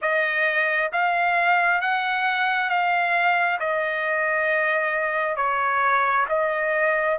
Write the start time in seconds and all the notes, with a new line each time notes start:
0.01 D#5
0.92 F5
1.81 F#5
2.69 F5
3.59 D#5
5.36 C#5
6.28 D#5